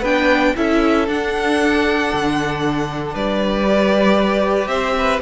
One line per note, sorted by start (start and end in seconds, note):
0.00 0.53 B3
0.00 0.55 D4
0.00 0.52 B4
0.00 0.56 G5
0.55 1.08 C#4
0.55 1.07 E4
0.55 3.13 A4
0.55 1.08 E5
1.07 3.66 D4
1.07 2.11 D4
1.07 3.15 F#5
2.13 3.14 D3
3.13 4.67 G3
3.13 4.68 B4
3.13 4.67 D5
3.66 5.21 G4
4.67 5.19 C4
4.67 4.95 C5
4.67 5.19 E5
4.98 5.21 B4